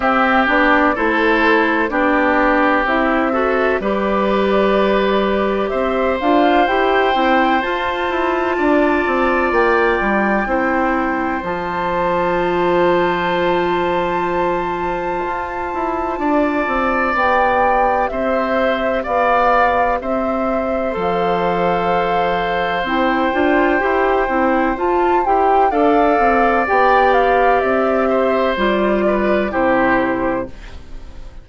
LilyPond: <<
  \new Staff \with { instrumentName = "flute" } { \time 4/4 \tempo 4 = 63 e''8 d''8 c''4 d''4 e''4 | d''2 e''8 f''8 g''4 | a''2 g''2 | a''1~ |
a''2 g''4 e''4 | f''4 e''4 f''2 | g''2 a''8 g''8 f''4 | g''8 f''8 e''4 d''4 c''4 | }
  \new Staff \with { instrumentName = "oboe" } { \time 4/4 g'4 a'4 g'4. a'8 | b'2 c''2~ | c''4 d''2 c''4~ | c''1~ |
c''4 d''2 c''4 | d''4 c''2.~ | c''2. d''4~ | d''4. c''4 b'8 g'4 | }
  \new Staff \with { instrumentName = "clarinet" } { \time 4/4 c'8 d'8 e'4 d'4 e'8 fis'8 | g'2~ g'8 f'8 g'8 e'8 | f'2. e'4 | f'1~ |
f'2 g'2~ | g'2 a'2 | e'8 f'8 g'8 e'8 f'8 g'8 a'4 | g'2 f'4 e'4 | }
  \new Staff \with { instrumentName = "bassoon" } { \time 4/4 c'8 b8 a4 b4 c'4 | g2 c'8 d'8 e'8 c'8 | f'8 e'8 d'8 c'8 ais8 g8 c'4 | f1 |
f'8 e'8 d'8 c'8 b4 c'4 | b4 c'4 f2 | c'8 d'8 e'8 c'8 f'8 e'8 d'8 c'8 | b4 c'4 g4 c4 | }
>>